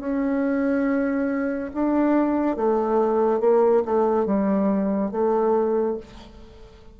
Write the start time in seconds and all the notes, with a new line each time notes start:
0.00 C#4
1.74 D4
2.57 A3
3.41 A#3
3.86 A3
4.26 G3
5.12 A3